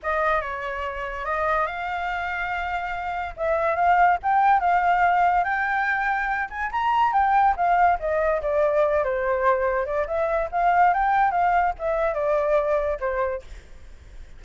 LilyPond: \new Staff \with { instrumentName = "flute" } { \time 4/4 \tempo 4 = 143 dis''4 cis''2 dis''4 | f''1 | e''4 f''4 g''4 f''4~ | f''4 g''2~ g''8 gis''8 |
ais''4 g''4 f''4 dis''4 | d''4. c''2 d''8 | e''4 f''4 g''4 f''4 | e''4 d''2 c''4 | }